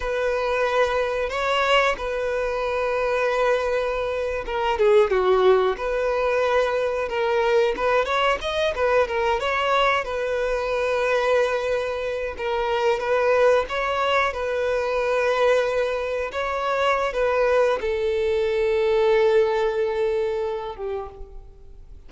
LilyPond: \new Staff \with { instrumentName = "violin" } { \time 4/4 \tempo 4 = 91 b'2 cis''4 b'4~ | b'2~ b'8. ais'8 gis'8 fis'16~ | fis'8. b'2 ais'4 b'16~ | b'16 cis''8 dis''8 b'8 ais'8 cis''4 b'8.~ |
b'2~ b'8. ais'4 b'16~ | b'8. cis''4 b'2~ b'16~ | b'8. cis''4~ cis''16 b'4 a'4~ | a'2.~ a'8 g'8 | }